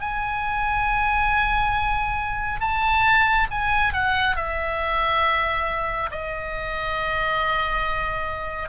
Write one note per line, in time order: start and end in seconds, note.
0.00 2.60 G#5
2.60 3.47 A5
3.51 3.93 G#5
3.93 4.36 F#5
4.36 6.10 E5
6.11 8.69 D#5